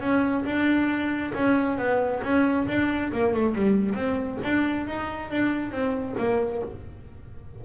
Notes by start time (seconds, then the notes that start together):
0.00 C#4
0.45 D4
1.34 C#4
1.78 B3
2.23 C#4
2.68 D4
3.12 A#3
3.33 A3
3.55 G3
3.94 C4
4.43 D4
4.87 D#4
5.31 D4
5.72 C4
6.18 A#3